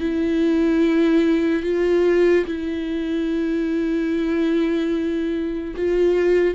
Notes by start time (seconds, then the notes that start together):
0.00 E4
1.63 F4
2.45 E4
5.76 F4